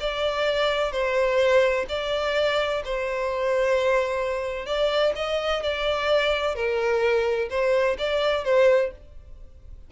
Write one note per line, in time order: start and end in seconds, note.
0.00 0.92 D5
0.92 1.86 C5
1.89 2.83 D5
2.85 4.66 C5
4.66 5.13 D5
5.16 5.63 D#5
5.63 6.55 D5
6.55 7.49 A#4
7.50 7.97 C5
7.98 8.44 D5
8.44 8.91 C5